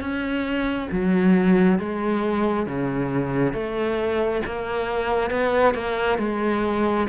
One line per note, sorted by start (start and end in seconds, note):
0.00 0.88 C#4
0.91 1.78 F#3
1.78 2.66 G#3
2.66 3.53 C#3
3.53 4.41 A3
4.46 5.31 A#3
5.31 5.74 B3
5.74 6.18 A#3
6.18 7.07 G#3